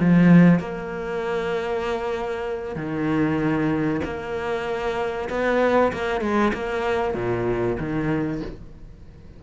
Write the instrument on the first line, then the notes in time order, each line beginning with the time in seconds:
cello
0.00 F3
0.60 A#3
2.76 D#3
4.05 A#3
5.30 B3
5.93 A#3
6.21 G#3
6.54 A#3
7.14 A#2
7.80 D#3